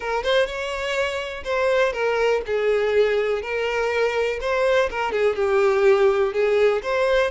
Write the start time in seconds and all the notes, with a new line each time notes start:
0.00 A#4
0.23 C5
0.46 C#5
1.43 C5
1.93 A#4
2.46 G#4
3.42 A#4
4.40 C5
4.90 A#4
5.12 G#4
5.35 G4
6.33 G#4
6.82 C5